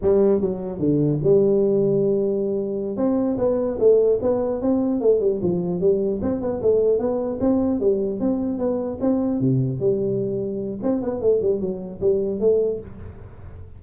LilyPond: \new Staff \with { instrumentName = "tuba" } { \time 4/4 \tempo 4 = 150 g4 fis4 d4 g4~ | g2.~ g8 c'8~ | c'8 b4 a4 b4 c'8~ | c'8 a8 g8 f4 g4 c'8 |
b8 a4 b4 c'4 g8~ | g8 c'4 b4 c'4 c8~ | c8 g2~ g8 c'8 b8 | a8 g8 fis4 g4 a4 | }